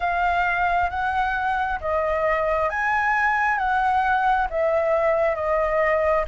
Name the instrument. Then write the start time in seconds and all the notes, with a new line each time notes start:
flute
0.00 F5
0.90 F#5
1.80 D#5
2.69 G#5
3.57 F#5
4.49 E5
5.35 D#5